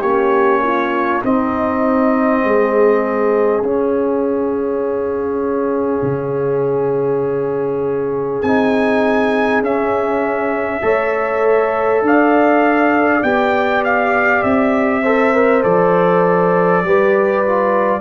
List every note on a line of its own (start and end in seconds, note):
0.00 1.21 A#3
0.00 1.23 C#4
0.00 0.60 G4
0.00 1.22 C#5
0.63 1.23 F4
1.23 3.63 C4
1.23 2.44 C4
1.23 2.43 D#4
1.23 3.63 D#5
2.44 3.62 G#3
2.44 10.83 G#4
3.62 6.02 C#4
3.62 8.44 C#4
3.62 8.42 F5
6.02 8.42 C#3
8.42 9.60 C4
8.42 9.64 D#4
8.42 9.62 G#5
9.60 10.80 C#4
9.60 10.81 C#4
9.60 12.04 E5
10.81 12.02 A3
10.81 13.21 A4
10.81 12.03 C#5
12.02 13.21 D4
12.02 15.02 D5
12.02 13.23 F5
13.22 14.43 B3
13.22 15.03 G4
13.22 13.83 G5
13.84 14.43 F5
14.43 15.63 C4
14.43 15.63 E5
15.02 15.34 A4
15.02 16.82 C5
15.34 15.63 A#4
15.63 16.84 F3
15.63 16.84 A4
15.63 18.00 D5
16.84 18.00 G3
16.84 17.45 G4
16.84 18.00 B4
17.46 18.00 F4